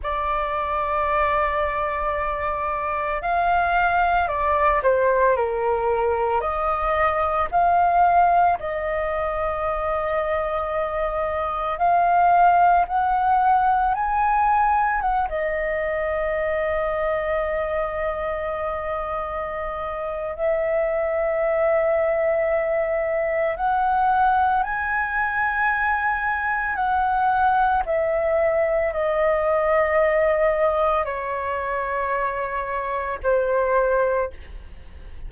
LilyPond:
\new Staff \with { instrumentName = "flute" } { \time 4/4 \tempo 4 = 56 d''2. f''4 | d''8 c''8 ais'4 dis''4 f''4 | dis''2. f''4 | fis''4 gis''4 fis''16 dis''4.~ dis''16~ |
dis''2. e''4~ | e''2 fis''4 gis''4~ | gis''4 fis''4 e''4 dis''4~ | dis''4 cis''2 c''4 | }